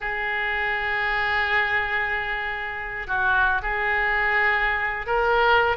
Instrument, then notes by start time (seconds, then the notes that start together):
oboe
0.00 G#4
3.07 F#4
3.62 G#4
5.06 A#4